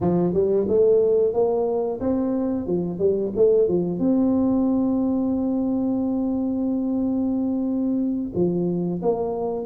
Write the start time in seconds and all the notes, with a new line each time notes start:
0.01 F3
0.33 G3
0.68 A3
1.33 A#3
2.00 C4
2.66 F3
2.98 G3
3.35 A3
3.68 F3
3.99 C4
8.35 F3
9.02 A#3